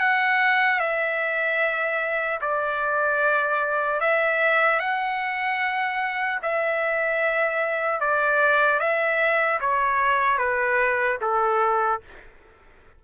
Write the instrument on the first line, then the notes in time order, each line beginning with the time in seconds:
trumpet
0.00 F#5
0.80 E5
2.41 D5
4.01 E5
4.80 F#5
6.43 E5
8.01 D5
8.80 E5
9.61 C#5
10.38 B4
11.21 A4